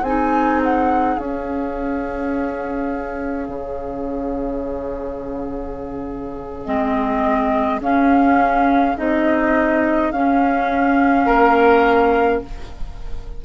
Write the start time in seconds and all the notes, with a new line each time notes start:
0.00 C4 G#4 G#5
0.06 D#4
0.63 F#5
1.18 C#4 F5
3.48 C#3
6.65 G#3 C4 D#5
7.80 C#4 F5
8.98 C4 D#4 D#5
10.12 C#4 F5
11.26 A#3 A#4